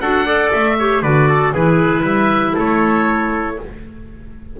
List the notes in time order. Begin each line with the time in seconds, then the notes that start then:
0.00 D4 F#4 A4 F#5
0.25 A4 D5
0.52 A3 E5
0.79 G4 C#5
1.02 D3 F#4 B4 D5
1.29 A4
1.54 E3 E4 G#4 B4
2.01 G3 B4 E5
2.55 A3 A4 C#5